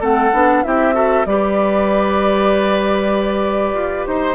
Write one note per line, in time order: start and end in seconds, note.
0.00 0.32 A3
0.00 0.31 C4
0.00 0.63 A4
0.00 0.63 F#5
0.32 0.64 B3
0.32 0.64 D4
0.63 1.26 C4
0.63 0.93 E4
0.63 0.95 G4
0.63 1.26 E5
0.93 1.25 F#4
0.93 1.26 A4
1.26 3.74 G3
1.26 4.35 G4
1.26 4.10 B4
1.26 4.06 D5
3.74 4.05 F4
4.06 4.35 D#4
4.06 4.35 C5